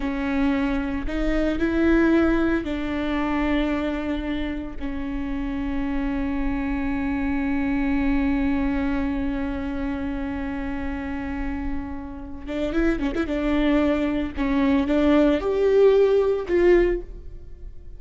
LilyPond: \new Staff \with { instrumentName = "viola" } { \time 4/4 \tempo 4 = 113 cis'2 dis'4 e'4~ | e'4 d'2.~ | d'4 cis'2.~ | cis'1~ |
cis'1~ | cis'2.~ cis'8 d'8 | e'8 cis'16 e'16 d'2 cis'4 | d'4 g'2 f'4 | }